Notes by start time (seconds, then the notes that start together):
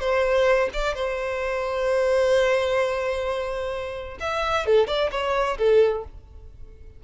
0.00 C5
0.73 D5
0.95 C5
4.20 E5
4.66 A4
4.87 D5
5.11 C#5
5.58 A4